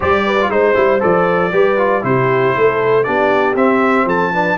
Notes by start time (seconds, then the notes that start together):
0.00 G3 G4 C5 D5
0.26 B4
0.41 F4
0.49 G#3 D#4 C5
0.75 G3 E4
1.00 F3 A4 D5
1.52 G3 G4 B4
1.77 F4
2.01 C3 E4 G4 C5
2.56 A3 A4
3.03 B3 D4 G4 D5
3.55 C4 E5
4.05 F3 A4 A5
4.32 D4 B4